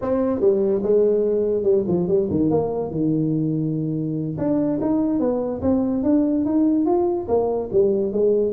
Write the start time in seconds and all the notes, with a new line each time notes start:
0.01 C4
0.40 G3
0.83 G#3
1.63 G3
1.87 F3
2.08 G3
2.30 D#3
2.50 A#3
2.91 D#3
4.37 D4
4.81 D#4
5.19 B3
5.61 C4
6.03 D4
6.45 D#4
6.85 F4
7.27 A#3
7.72 G3
8.12 G#3